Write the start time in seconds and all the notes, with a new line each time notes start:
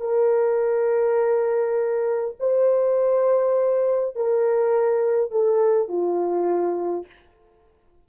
0.00 A#4
2.40 C5
4.16 A#4
5.31 A4
5.88 F4